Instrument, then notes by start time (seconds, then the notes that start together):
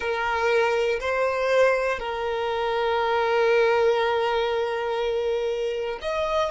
violin
0.00 A#4
1.00 C5
1.99 A#4
6.01 D#5